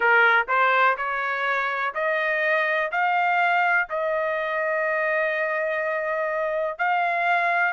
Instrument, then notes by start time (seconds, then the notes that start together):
trumpet
0.00 A#4
0.48 C5
0.97 C#5
1.94 D#5
2.91 F5
3.89 D#5
6.78 F5